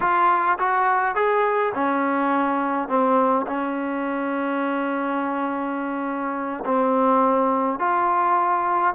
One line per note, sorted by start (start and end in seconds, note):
0.00 0.58 F4
0.58 1.15 F#4
1.15 1.73 G#4
1.74 2.88 C#4
2.88 3.46 C4
3.46 6.63 C#4
6.65 7.79 C4
7.79 8.94 F4